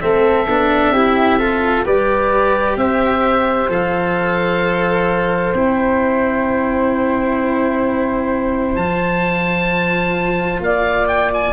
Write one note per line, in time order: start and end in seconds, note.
0.00 0.48 A3
0.00 0.46 C4
0.00 0.93 A4
0.00 1.85 E5
0.48 0.90 B3
0.48 0.94 D4
0.90 1.83 C4
0.90 1.39 E4
0.90 1.39 G4
1.39 1.85 F4
1.39 1.84 A4
1.84 2.76 G3
1.84 3.69 G4
1.84 2.77 B4
1.84 2.78 D5
2.76 3.68 C4
2.76 10.63 C5
2.76 3.70 E5
3.69 5.54 F3
3.69 5.54 A4
3.69 5.55 F5
5.54 8.76 C4
5.54 8.78 E4
5.54 8.75 G5
8.75 10.59 F3
8.75 11.53 F4
8.75 10.60 A5
10.59 11.52 A#3
10.59 11.53 D5
10.59 11.08 F5
11.08 11.31 G5
11.34 11.53 G#5